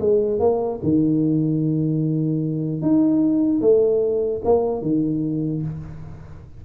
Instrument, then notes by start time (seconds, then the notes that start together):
tuba
0.00 G#3
0.39 A#3
0.83 D#3
2.82 D#4
3.61 A3
4.44 A#3
4.82 D#3